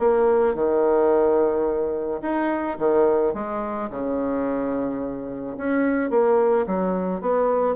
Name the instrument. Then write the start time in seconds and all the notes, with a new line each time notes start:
bassoon
0.00 A#3
0.55 D#3
2.22 D#4
2.79 D#3
3.34 G#3
3.90 C#3
5.58 C#4
6.11 A#3
6.67 F#3
7.21 B3